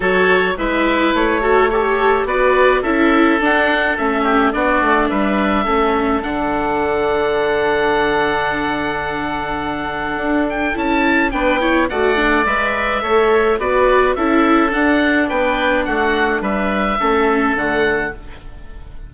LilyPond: <<
  \new Staff \with { instrumentName = "oboe" } { \time 4/4 \tempo 4 = 106 cis''4 e''4 cis''4 a'4 | d''4 e''4 fis''4 e''4 | d''4 e''2 fis''4~ | fis''1~ |
fis''2~ fis''8 g''8 a''4 | g''4 fis''4 e''2 | d''4 e''4 fis''4 g''4 | fis''4 e''2 fis''4 | }
  \new Staff \with { instrumentName = "oboe" } { \time 4/4 a'4 b'4. a'8 cis''4 | b'4 a'2~ a'8 g'8 | fis'4 b'4 a'2~ | a'1~ |
a'1 | b'8 cis''8 d''2 cis''4 | b'4 a'2 b'4 | fis'4 b'4 a'2 | }
  \new Staff \with { instrumentName = "viola" } { \time 4/4 fis'4 e'4. fis'8 g'4 | fis'4 e'4 d'4 cis'4 | d'2 cis'4 d'4~ | d'1~ |
d'2. e'4 | d'8 e'8 fis'8 d'8 b'4 a'4 | fis'4 e'4 d'2~ | d'2 cis'4 a4 | }
  \new Staff \with { instrumentName = "bassoon" } { \time 4/4 fis4 gis4 a2 | b4 cis'4 d'4 a4 | b8 a8 g4 a4 d4~ | d1~ |
d2 d'4 cis'4 | b4 a4 gis4 a4 | b4 cis'4 d'4 b4 | a4 g4 a4 d4 | }
>>